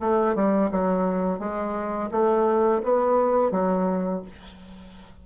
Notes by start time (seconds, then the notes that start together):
0.00 A3
0.35 G3
0.71 F#3
1.39 G#3
2.11 A3
2.83 B3
3.51 F#3